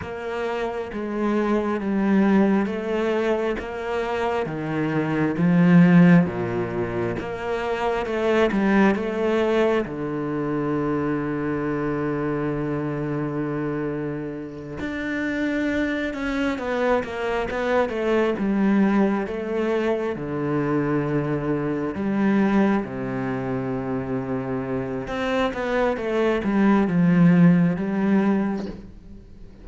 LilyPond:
\new Staff \with { instrumentName = "cello" } { \time 4/4 \tempo 4 = 67 ais4 gis4 g4 a4 | ais4 dis4 f4 ais,4 | ais4 a8 g8 a4 d4~ | d1~ |
d8 d'4. cis'8 b8 ais8 b8 | a8 g4 a4 d4.~ | d8 g4 c2~ c8 | c'8 b8 a8 g8 f4 g4 | }